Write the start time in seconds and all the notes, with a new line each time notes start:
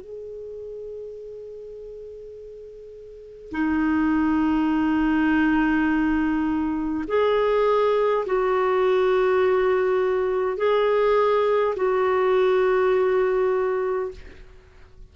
0.00 G#4
3.51 D#4
7.07 G#4
8.26 F#4
10.57 G#4
11.76 F#4